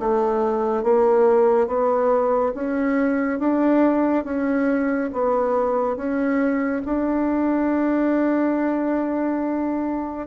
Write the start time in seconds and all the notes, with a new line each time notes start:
0.00 A3
0.83 A#3
1.67 B3
2.54 C#4
3.39 D4
4.25 C#4
5.13 B3
5.96 C#4
6.85 D4